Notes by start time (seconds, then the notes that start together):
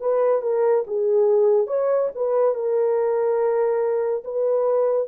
0.00 B4
0.42 A#4
0.87 G#4
1.67 C#5
2.15 B4
2.54 A#4
4.24 B4